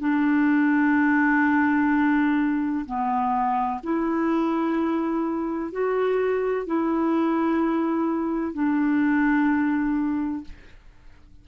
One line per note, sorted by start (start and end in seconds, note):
0.00 2.86 D4
2.86 3.81 B3
3.84 5.72 E4
5.72 6.67 F#4
6.67 8.54 E4
8.54 10.45 D4